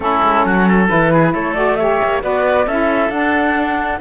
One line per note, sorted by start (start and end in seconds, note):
0.00 0.21 A3
0.00 0.88 C#4
0.00 0.46 E4
0.00 0.86 A4
0.22 0.45 G#3
0.45 0.89 F#3
0.45 0.68 F#4
0.68 1.12 A4
0.87 1.34 E3
0.87 1.55 E4
0.87 1.32 B4
1.12 1.33 G#4
1.33 2.01 A3
1.33 1.77 A4
1.33 1.54 C#5
1.54 1.77 F#4
1.54 1.75 D5
1.75 2.21 G4
1.75 2.23 C#5
1.75 2.20 E5
2.03 2.23 A#3
2.21 2.66 B3
2.21 2.66 F#4
2.21 2.65 B4
2.21 2.67 D5
2.65 3.09 C#4
2.65 3.10 E4
2.65 3.99 A4
2.65 3.10 E5
3.09 3.98 D4
3.09 3.99 D4
3.09 3.99 F#5